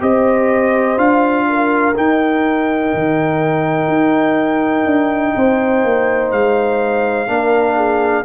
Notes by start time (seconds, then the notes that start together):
0.00 C4 G4 C5 D#5
0.97 D4 F4 F5
1.49 A#4
1.95 D#4 G5
2.94 D#3
3.88 D#4
4.85 D4
5.36 C4 C5
5.84 A#3
6.31 G#3 F5
7.27 A#3 D4 A#4
7.76 G#4